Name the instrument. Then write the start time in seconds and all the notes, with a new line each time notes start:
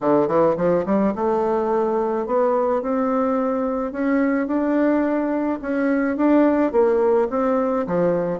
bassoon
0.00 D3
0.27 E3
0.57 F3
0.85 G3
1.15 A3
2.26 B3
2.82 C4
3.92 C#4
4.47 D4
5.61 C#4
6.17 D4
6.72 A#3
7.30 C4
7.87 F3